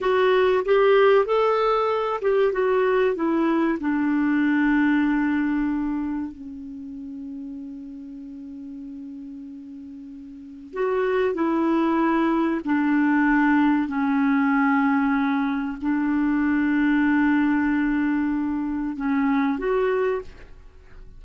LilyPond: \new Staff \with { instrumentName = "clarinet" } { \time 4/4 \tempo 4 = 95 fis'4 g'4 a'4. g'8 | fis'4 e'4 d'2~ | d'2 cis'2~ | cis'1~ |
cis'4 fis'4 e'2 | d'2 cis'2~ | cis'4 d'2.~ | d'2 cis'4 fis'4 | }